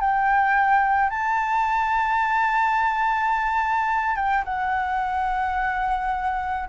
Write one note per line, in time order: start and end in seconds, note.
0.00 1.10 G5
1.10 4.16 A5
4.16 4.44 G5
4.45 6.69 F#5